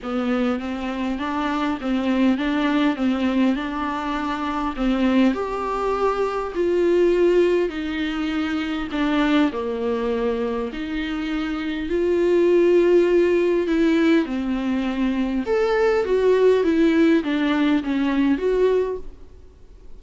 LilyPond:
\new Staff \with { instrumentName = "viola" } { \time 4/4 \tempo 4 = 101 b4 c'4 d'4 c'4 | d'4 c'4 d'2 | c'4 g'2 f'4~ | f'4 dis'2 d'4 |
ais2 dis'2 | f'2. e'4 | c'2 a'4 fis'4 | e'4 d'4 cis'4 fis'4 | }